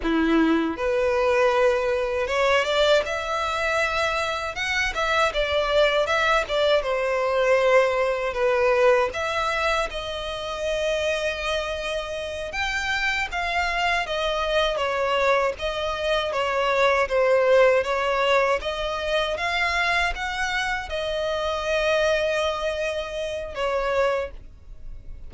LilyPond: \new Staff \with { instrumentName = "violin" } { \time 4/4 \tempo 4 = 79 e'4 b'2 cis''8 d''8 | e''2 fis''8 e''8 d''4 | e''8 d''8 c''2 b'4 | e''4 dis''2.~ |
dis''8 g''4 f''4 dis''4 cis''8~ | cis''8 dis''4 cis''4 c''4 cis''8~ | cis''8 dis''4 f''4 fis''4 dis''8~ | dis''2. cis''4 | }